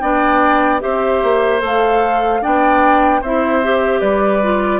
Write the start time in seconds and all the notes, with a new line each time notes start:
0.00 B3 D4 D5 G5
0.81 C4 G4 C5 E5
1.23 A#3
1.60 A3 A4 F5
2.42 B3 D4 D5 G5
3.22 C4 E4 C5 E5
3.64 G4
4.01 G3 B4 D5
4.43 F4